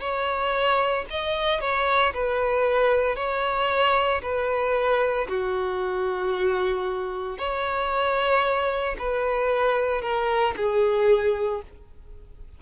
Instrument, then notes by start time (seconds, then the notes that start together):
violin
0.00 C#5
1.10 D#5
1.60 C#5
2.14 B4
3.16 C#5
4.22 B4
5.28 F#4
7.38 C#5
8.99 B4
10.02 A#4
10.56 G#4